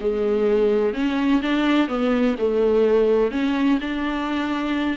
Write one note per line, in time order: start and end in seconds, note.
0.00 0.93 G#3
0.93 1.41 C#4
1.42 1.88 D4
1.88 2.35 B3
2.38 3.31 A3
3.31 3.79 C#4
3.81 4.97 D4